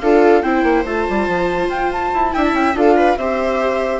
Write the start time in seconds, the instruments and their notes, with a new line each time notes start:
0.00 bassoon D4, viola F4 A4, flute F5
0.41 bassoon C4, viola E4 C5, flute G5
0.63 bassoon A#3
0.85 bassoon A3, viola F4, flute A5
1.09 bassoon G3
1.27 bassoon F3
1.68 bassoon F4, flute G5
1.92 flute A5
2.13 bassoon E4
2.31 bassoon D4, viola E4 E5, flute G5
2.44 flute A5
2.52 bassoon C#4, flute G5
2.75 bassoon D4, viola F4 A4, flute F5
2.96 viola B4
3.17 bassoon C4, viola G4 C5, flute E5